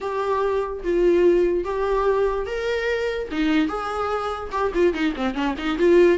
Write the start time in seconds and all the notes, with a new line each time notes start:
0.01 G4
0.83 F4
1.64 G4
2.46 A#4
3.31 D#4
3.68 G#4
4.51 G4
4.74 F4
4.93 D#4
5.16 C4
5.34 C#4
5.58 D#4
5.78 F4